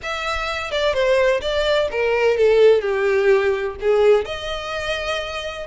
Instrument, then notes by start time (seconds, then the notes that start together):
violin
0.02 E5
0.71 D5
0.93 C5
1.41 D5
1.91 A#4
2.37 A4
2.81 G4
3.80 G#4
4.25 D#5